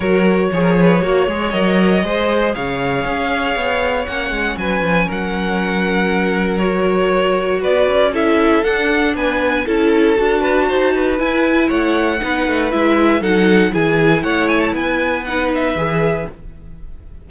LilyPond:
<<
  \new Staff \with { instrumentName = "violin" } { \time 4/4 \tempo 4 = 118 cis''2. dis''4~ | dis''4 f''2. | fis''4 gis''4 fis''2~ | fis''4 cis''2 d''4 |
e''4 fis''4 gis''4 a''4~ | a''2 gis''4 fis''4~ | fis''4 e''4 fis''4 gis''4 | fis''8 gis''16 a''16 gis''4 fis''8 e''4. | }
  \new Staff \with { instrumentName = "violin" } { \time 4/4 ais'4 cis''16 ais'16 b'8 cis''2 | c''4 cis''2.~ | cis''4 b'4 ais'2~ | ais'2. b'4 |
a'2 b'4 a'4~ | a'8 b'8 c''8 b'4. cis''4 | b'2 a'4 gis'4 | cis''4 b'2. | }
  \new Staff \with { instrumentName = "viola" } { \time 4/4 fis'4 gis'4 fis'8 gis'8 ais'4 | gis'1 | cis'1~ | cis'4 fis'2. |
e'4 d'2 e'4 | fis'2 e'2 | dis'4 e'4 dis'4 e'4~ | e'2 dis'4 gis'4 | }
  \new Staff \with { instrumentName = "cello" } { \time 4/4 fis4 f4 ais8 gis8 fis4 | gis4 cis4 cis'4 b4 | ais8 gis8 fis8 f8 fis2~ | fis2. b8 cis'8~ |
cis'4 d'4 b4 cis'4 | d'4 dis'4 e'4 a4 | b8 a8 gis4 fis4 e4 | a4 b2 e4 | }
>>